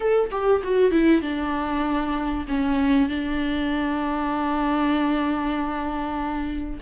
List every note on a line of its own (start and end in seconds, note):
0.00 0.30 A4
0.31 0.62 G4
0.63 0.91 F#4
0.91 1.21 E4
1.21 2.45 D4
2.47 3.08 C#4
3.08 6.79 D4